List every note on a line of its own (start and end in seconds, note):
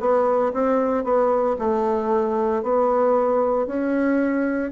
0.00 0.53 B3
0.54 1.04 C4
1.04 1.57 B3
1.59 2.63 A3
2.63 3.67 B3
3.67 4.72 C#4